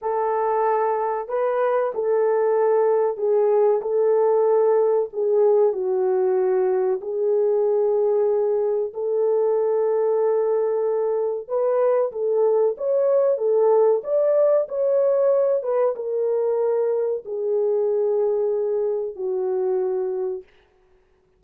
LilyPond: \new Staff \with { instrumentName = "horn" } { \time 4/4 \tempo 4 = 94 a'2 b'4 a'4~ | a'4 gis'4 a'2 | gis'4 fis'2 gis'4~ | gis'2 a'2~ |
a'2 b'4 a'4 | cis''4 a'4 d''4 cis''4~ | cis''8 b'8 ais'2 gis'4~ | gis'2 fis'2 | }